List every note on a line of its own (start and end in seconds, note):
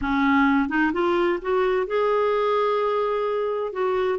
0.01 0.68 C#4
0.68 0.92 D#4
0.93 1.39 F4
1.41 1.86 F#4
1.86 3.72 G#4
3.72 4.19 F#4